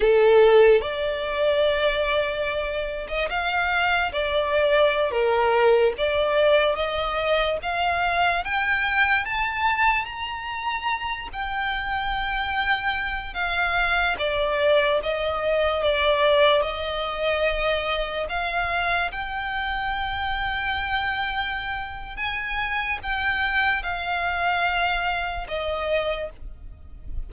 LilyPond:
\new Staff \with { instrumentName = "violin" } { \time 4/4 \tempo 4 = 73 a'4 d''2~ d''8. dis''16 | f''4 d''4~ d''16 ais'4 d''8.~ | d''16 dis''4 f''4 g''4 a''8.~ | a''16 ais''4. g''2~ g''16~ |
g''16 f''4 d''4 dis''4 d''8.~ | d''16 dis''2 f''4 g''8.~ | g''2. gis''4 | g''4 f''2 dis''4 | }